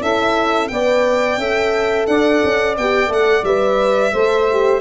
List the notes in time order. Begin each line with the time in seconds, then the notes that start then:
0.00 C#4 E4 A4 E5
0.68 B3 B4 D5 G5
1.37 C#4 A4 E5
2.06 D4 D5 F#5
2.44 C#4
2.77 B3 G4 G5
3.07 A3 A4 F#5
3.43 G3 B4 E5
4.12 A3 A4 C5
4.51 G4